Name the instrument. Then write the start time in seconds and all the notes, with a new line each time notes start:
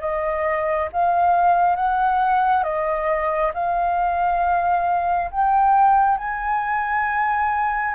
flute
0.00 D#5
0.92 F5
1.75 F#5
2.63 D#5
3.54 F5
5.31 G5
6.18 G#5